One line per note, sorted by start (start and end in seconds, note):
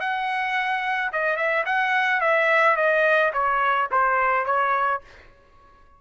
0.00 1.11 F#5
1.13 1.36 D#5
1.36 1.64 E5
1.66 2.21 F#5
2.21 2.76 E5
2.77 3.32 D#5
3.33 3.89 C#5
3.91 4.46 C5
4.46 5.01 C#5